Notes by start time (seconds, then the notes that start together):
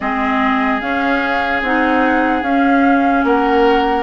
0.00 G#3 C4 G#4 D#5
0.80 C#4 F5
1.62 C4 D#4 F#5
2.42 C#4 F5
3.24 A#3 A#4 F#5